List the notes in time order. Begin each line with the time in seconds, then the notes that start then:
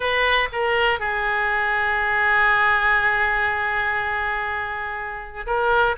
0.00 B4
0.52 A#4
0.99 G#4
5.46 A#4